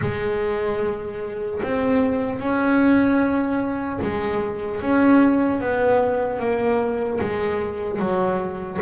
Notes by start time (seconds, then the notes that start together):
0.01 G#3
1.63 C4
2.39 C#4
4.01 G#3
4.81 C#4
5.60 B3
6.39 A#3
7.20 G#3
7.99 F#3